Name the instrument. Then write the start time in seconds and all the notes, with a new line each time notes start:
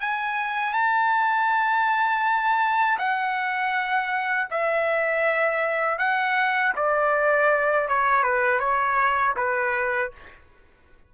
trumpet
0.00 G#5
0.73 A5
2.98 F#5
4.50 E5
5.98 F#5
6.76 D5
7.88 C#5
8.23 B4
8.59 C#5
9.36 B4